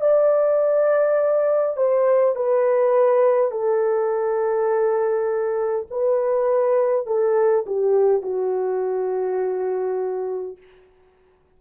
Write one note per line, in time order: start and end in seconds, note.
0.00 1.76 D5
1.76 2.35 C5
2.35 3.51 B4
3.51 5.86 A4
5.90 7.06 B4
7.06 7.65 A4
7.66 8.21 G4
8.21 10.57 F#4